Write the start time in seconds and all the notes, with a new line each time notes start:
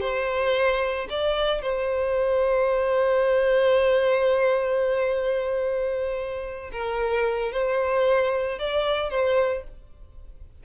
0.00 C5
1.09 D5
1.62 C5
6.72 A#4
7.52 C5
8.58 D5
9.09 C5